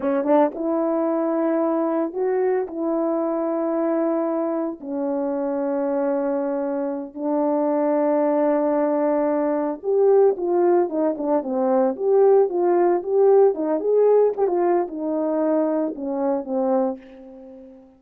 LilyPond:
\new Staff \with { instrumentName = "horn" } { \time 4/4 \tempo 4 = 113 cis'8 d'8 e'2. | fis'4 e'2.~ | e'4 cis'2.~ | cis'4. d'2~ d'8~ |
d'2~ d'8 g'4 f'8~ | f'8 dis'8 d'8 c'4 g'4 f'8~ | f'8 g'4 dis'8 gis'4 g'16 f'8. | dis'2 cis'4 c'4 | }